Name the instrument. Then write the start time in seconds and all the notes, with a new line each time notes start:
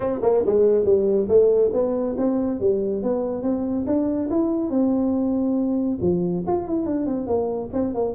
tuba
0.00 C4
0.22 A#3
0.46 G#3
0.84 G3
1.28 A3
1.73 B3
2.17 C4
2.59 G3
3.02 B3
3.42 C4
3.86 D4
4.30 E4
4.69 C4
6.01 F3
6.46 F4
6.67 E4
6.86 D4
7.06 C4
7.26 A#3
7.72 C4
7.94 A#3